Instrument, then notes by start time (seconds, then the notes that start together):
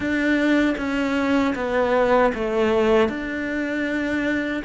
cello
0.00 D4
0.77 C#4
1.55 B3
2.34 A3
3.08 D4